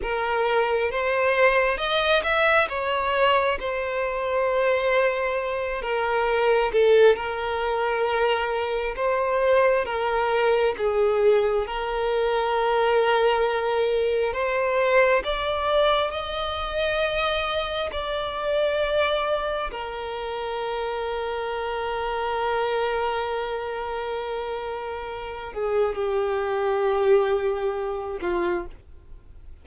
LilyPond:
\new Staff \with { instrumentName = "violin" } { \time 4/4 \tempo 4 = 67 ais'4 c''4 dis''8 e''8 cis''4 | c''2~ c''8 ais'4 a'8 | ais'2 c''4 ais'4 | gis'4 ais'2. |
c''4 d''4 dis''2 | d''2 ais'2~ | ais'1~ | ais'8 gis'8 g'2~ g'8 f'8 | }